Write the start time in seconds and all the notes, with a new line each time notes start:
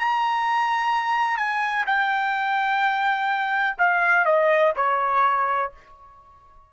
0.00 A#5
1.38 G#5
1.87 G5
3.79 F5
4.26 D#5
4.77 C#5